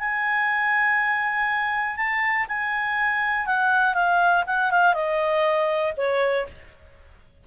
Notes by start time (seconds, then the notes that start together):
0.00 G#5
1.97 A5
2.49 G#5
3.47 F#5
3.95 F5
4.47 F#5
4.71 F5
4.95 D#5
5.98 C#5